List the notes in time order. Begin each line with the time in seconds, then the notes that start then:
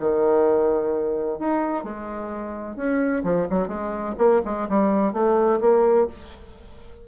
0.00 D#3
1.39 D#4
1.84 G#3
2.76 C#4
3.24 F3
3.50 F#3
3.68 G#3
4.18 A#3
4.45 G#3
4.69 G3
5.13 A3
5.61 A#3